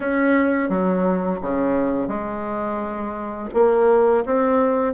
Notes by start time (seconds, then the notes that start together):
0.00 C#4
0.69 F#3
1.41 C#3
2.08 G#3
3.54 A#3
4.25 C4